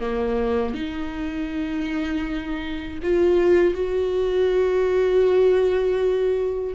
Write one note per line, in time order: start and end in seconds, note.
0.00 0.75 A#3
0.75 3.00 D#4
3.03 3.75 F4
3.75 6.75 F#4